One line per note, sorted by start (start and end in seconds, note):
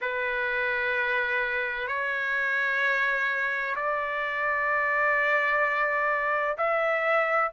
0.01 1.87 B4
1.87 3.75 C#5
3.75 6.56 D5
6.57 7.51 E5